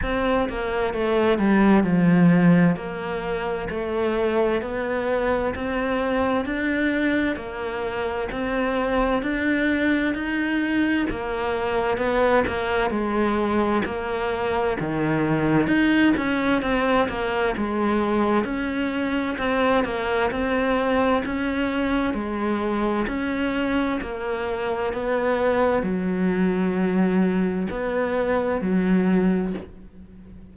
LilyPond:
\new Staff \with { instrumentName = "cello" } { \time 4/4 \tempo 4 = 65 c'8 ais8 a8 g8 f4 ais4 | a4 b4 c'4 d'4 | ais4 c'4 d'4 dis'4 | ais4 b8 ais8 gis4 ais4 |
dis4 dis'8 cis'8 c'8 ais8 gis4 | cis'4 c'8 ais8 c'4 cis'4 | gis4 cis'4 ais4 b4 | fis2 b4 fis4 | }